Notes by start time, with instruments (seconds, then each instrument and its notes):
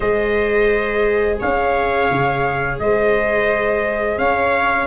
0.00 tuba G#3, viola G#4 C5, trumpet D#5
1.39 tuba C#4, viola C#5, trumpet F5
2.10 tuba C#3
2.79 tuba G#3, viola C5, trumpet D#5
4.18 tuba C#4, viola C#5, trumpet F5